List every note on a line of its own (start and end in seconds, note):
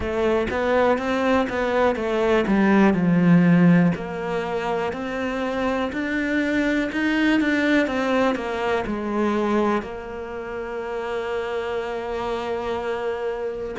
0.00 0.47 A3
0.50 0.97 B3
0.97 1.47 C4
1.49 1.95 B3
1.95 2.45 A3
2.47 2.93 G3
2.93 3.92 F3
3.95 4.92 A#3
4.92 5.91 C4
5.92 6.90 D4
6.92 7.40 D#4
7.40 7.86 D4
7.86 8.35 C4
8.35 8.84 A#3
8.86 9.81 G#3
9.81 13.75 A#3